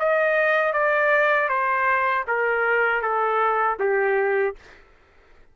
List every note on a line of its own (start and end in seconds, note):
0.00 0.74 D#5
0.74 1.49 D5
1.49 2.25 C5
2.28 3.02 A#4
3.02 3.78 A4
3.80 4.56 G4